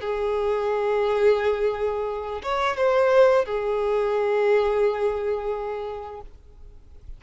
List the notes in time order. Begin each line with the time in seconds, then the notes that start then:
0.00 G#4
2.43 C#5
2.76 C5
3.45 G#4